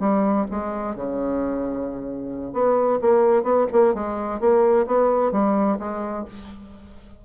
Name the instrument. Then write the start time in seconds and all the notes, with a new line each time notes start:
bassoon
0.00 G3
0.51 G#3
0.96 C#3
2.53 B3
3.01 A#3
3.43 B3
3.72 A#3
3.94 G#3
4.40 A#3
4.87 B3
5.32 G3
5.79 G#3